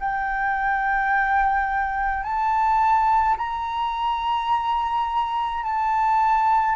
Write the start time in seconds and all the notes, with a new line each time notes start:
0.00 G5
2.23 A5
3.38 A#5
5.63 A5